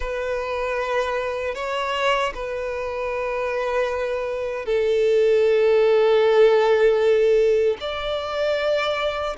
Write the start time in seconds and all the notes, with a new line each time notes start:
0.00 B4
1.54 C#5
2.34 B4
4.65 A4
7.80 D5